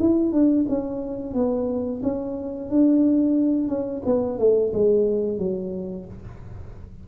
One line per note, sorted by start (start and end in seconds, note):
0.00 0.32 E4
0.32 0.66 D4
0.69 1.34 C#4
1.34 2.02 B3
2.03 2.70 C#4
2.70 3.69 D4
3.69 4.02 C#4
4.06 4.39 B3
4.39 4.73 A3
4.73 5.38 G#3
5.38 6.06 F#3